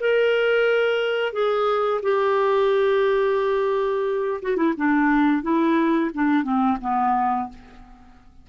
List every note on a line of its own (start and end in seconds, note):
0.00 1.33 A#4
1.33 2.01 G#4
2.02 4.41 G4
4.42 4.57 F#4
4.57 4.74 E4
4.77 5.42 D4
5.42 6.11 E4
6.14 6.43 D4
6.43 6.77 C4
6.81 7.49 B3